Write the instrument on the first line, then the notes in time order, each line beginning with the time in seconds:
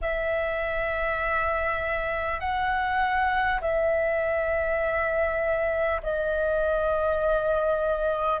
flute
0.01 E5
2.40 F#5
3.61 E5
6.02 D#5